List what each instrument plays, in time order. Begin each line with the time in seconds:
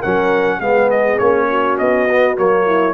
0.00 tuba F#3, trombone C#4, horn A#4, trumpet F#5
0.59 tuba G#3, trombone B3, horn G#4, trumpet F5
0.91 trumpet D#5
1.19 tuba A#3, trombone C#4, trumpet C#5
1.50 horn F#4
1.79 tuba B3, trumpet D#5
2.11 trombone B3
2.37 tuba F#3, trombone A#3, trumpet C#5
2.66 horn E4